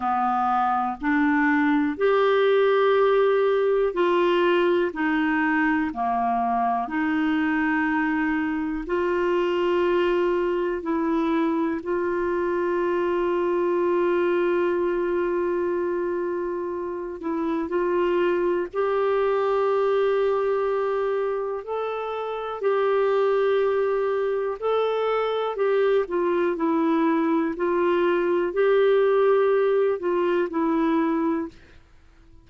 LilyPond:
\new Staff \with { instrumentName = "clarinet" } { \time 4/4 \tempo 4 = 61 b4 d'4 g'2 | f'4 dis'4 ais4 dis'4~ | dis'4 f'2 e'4 | f'1~ |
f'4. e'8 f'4 g'4~ | g'2 a'4 g'4~ | g'4 a'4 g'8 f'8 e'4 | f'4 g'4. f'8 e'4 | }